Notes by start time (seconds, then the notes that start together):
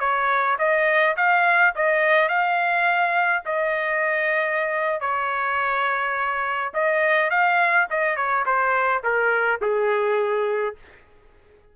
0.00 C#5
0.59 D#5
1.17 F5
1.76 D#5
2.29 F5
3.45 D#5
5.01 C#5
6.74 D#5
7.30 F5
7.90 D#5
8.16 C#5
8.46 C5
9.03 A#4
9.62 G#4